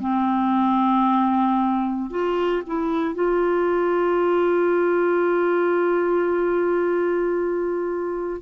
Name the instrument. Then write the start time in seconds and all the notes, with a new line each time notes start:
clarinet
0.00 C4
2.10 F4
2.67 E4
3.14 F4